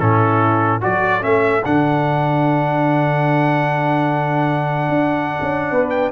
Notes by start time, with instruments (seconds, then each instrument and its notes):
0.00 tuba A2, trombone C#4, horn E4, trumpet A4
0.81 tuba F#3, trombone F#4, horn A4, trumpet D5
1.21 tuba A3, trombone C#4, trumpet E5
1.65 tuba D3, trombone D4, trumpet F#5
4.89 tuba D4
5.42 tuba C#4
5.71 tuba B3, horn B4
5.90 trumpet G5